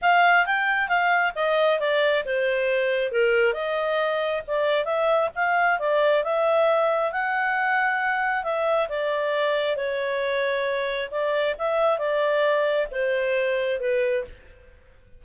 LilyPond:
\new Staff \with { instrumentName = "clarinet" } { \time 4/4 \tempo 4 = 135 f''4 g''4 f''4 dis''4 | d''4 c''2 ais'4 | dis''2 d''4 e''4 | f''4 d''4 e''2 |
fis''2. e''4 | d''2 cis''2~ | cis''4 d''4 e''4 d''4~ | d''4 c''2 b'4 | }